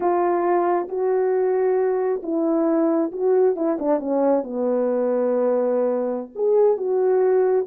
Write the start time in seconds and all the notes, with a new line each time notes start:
0.00 F4
0.88 F#4
2.22 E4
3.12 F#4
3.56 E4
3.79 D4
3.99 C#4
4.43 B3
6.35 G#4
6.77 F#4